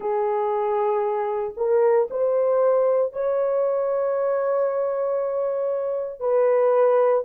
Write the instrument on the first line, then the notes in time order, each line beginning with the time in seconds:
horn
0.00 G#4
1.57 A#4
2.10 C5
3.12 C#5
6.20 B4